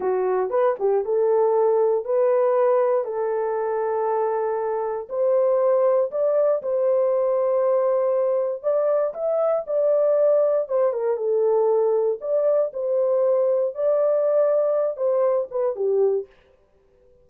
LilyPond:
\new Staff \with { instrumentName = "horn" } { \time 4/4 \tempo 4 = 118 fis'4 b'8 g'8 a'2 | b'2 a'2~ | a'2 c''2 | d''4 c''2.~ |
c''4 d''4 e''4 d''4~ | d''4 c''8 ais'8 a'2 | d''4 c''2 d''4~ | d''4. c''4 b'8 g'4 | }